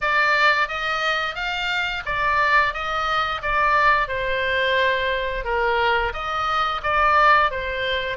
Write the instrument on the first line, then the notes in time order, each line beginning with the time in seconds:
oboe
0.01 D5
0.68 D#5
1.35 F5
2.05 D5
2.73 D#5
3.42 D5
4.08 C5
5.44 A#4
6.13 D#5
6.83 D5
7.50 C5